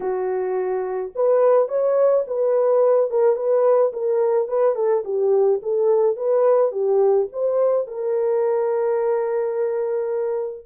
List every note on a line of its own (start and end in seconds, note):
0.00 1.12 F#4
1.15 1.68 B4
1.68 2.24 C#5
2.27 3.10 B4
3.10 3.35 A#4
3.35 3.92 B4
3.92 4.48 A#4
4.48 4.75 B4
4.75 5.03 A4
5.04 5.60 G4
5.62 6.16 A4
6.16 6.71 B4
6.71 7.27 G4
7.32 7.87 C5
7.87 10.66 A#4